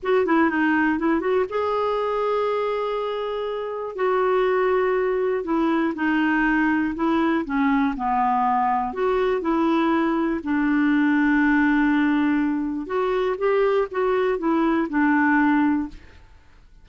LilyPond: \new Staff \with { instrumentName = "clarinet" } { \time 4/4 \tempo 4 = 121 fis'8 e'8 dis'4 e'8 fis'8 gis'4~ | gis'1 | fis'2. e'4 | dis'2 e'4 cis'4 |
b2 fis'4 e'4~ | e'4 d'2.~ | d'2 fis'4 g'4 | fis'4 e'4 d'2 | }